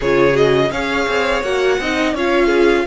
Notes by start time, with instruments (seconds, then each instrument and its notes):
0.00 cello C#3, viola F4, violin G#4 C#5
0.32 viola F#4, violin D#5
0.71 cello C#4, viola G#4, violin C#5 F5
1.08 cello C4
1.42 cello A#3, viola F#4, violin F#5
1.79 cello C4, viola D#4, violin D#5
2.14 cello C#4, viola F4, violin C#5 F5
2.46 violin G#4